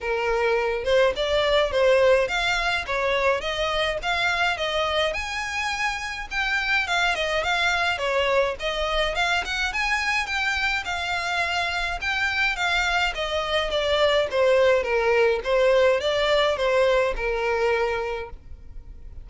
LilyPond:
\new Staff \with { instrumentName = "violin" } { \time 4/4 \tempo 4 = 105 ais'4. c''8 d''4 c''4 | f''4 cis''4 dis''4 f''4 | dis''4 gis''2 g''4 | f''8 dis''8 f''4 cis''4 dis''4 |
f''8 fis''8 gis''4 g''4 f''4~ | f''4 g''4 f''4 dis''4 | d''4 c''4 ais'4 c''4 | d''4 c''4 ais'2 | }